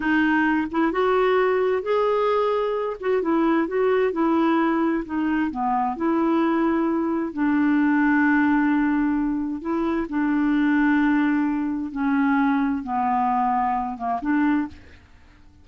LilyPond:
\new Staff \with { instrumentName = "clarinet" } { \time 4/4 \tempo 4 = 131 dis'4. e'8 fis'2 | gis'2~ gis'8 fis'8 e'4 | fis'4 e'2 dis'4 | b4 e'2. |
d'1~ | d'4 e'4 d'2~ | d'2 cis'2 | b2~ b8 ais8 d'4 | }